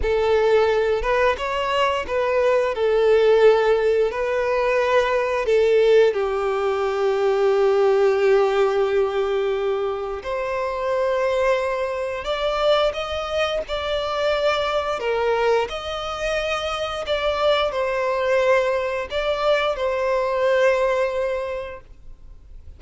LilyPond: \new Staff \with { instrumentName = "violin" } { \time 4/4 \tempo 4 = 88 a'4. b'8 cis''4 b'4 | a'2 b'2 | a'4 g'2.~ | g'2. c''4~ |
c''2 d''4 dis''4 | d''2 ais'4 dis''4~ | dis''4 d''4 c''2 | d''4 c''2. | }